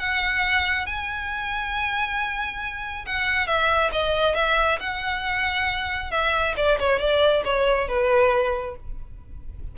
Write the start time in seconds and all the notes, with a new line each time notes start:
0.00 F#5
0.87 G#5
3.06 F#5
3.47 E5
3.93 D#5
4.36 E5
4.80 F#5
6.12 E5
6.57 D5
6.80 C#5
7.00 D5
7.45 C#5
7.89 B4